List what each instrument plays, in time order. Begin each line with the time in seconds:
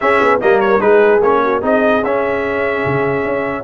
0.00 trombone C#4, tuba C#4, horn G#4, trumpet E5
0.20 tuba B3
0.40 tuba G3, trombone A#3, horn A#4, trumpet D#5
0.60 trumpet C#5
0.79 tuba G#3, trombone D#4, horn G#4, trumpet B4
1.21 tuba A#3, trombone C#4, trumpet C#5
1.43 horn F#4
1.60 tuba C4, trombone D#4, horn G#4, trumpet D#5
2.02 tuba C#4, trombone C#4, trumpet E5
2.85 tuba C#3
3.24 tuba C#4